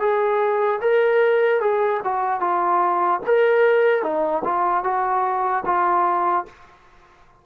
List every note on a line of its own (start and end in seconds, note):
0.00 0.80 G#4
0.81 1.61 A#4
1.61 2.01 G#4
2.04 2.41 F#4
2.41 3.21 F4
3.26 4.03 A#4
4.03 4.43 D#4
4.44 4.84 F4
4.84 5.64 F#4
5.66 6.46 F4